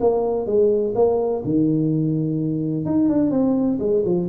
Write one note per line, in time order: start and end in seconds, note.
0.00 0.46 A#3
0.46 0.94 G#3
0.95 1.42 A#3
1.44 2.85 D#3
2.85 3.09 D#4
3.09 3.30 D4
3.30 3.78 C4
3.79 4.03 G#3
4.05 4.28 F3